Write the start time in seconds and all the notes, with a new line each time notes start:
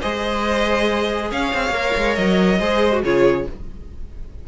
0.00 G#3 G#4 C5 D#5
1.30 C#4 C#5 F5
1.55 C4
1.71 A#3 A#4
1.97 G#3
2.15 F#3 D#5
2.59 G#3 G#4 C5
2.93 F#4
3.03 C#3 F4 G#4 C#5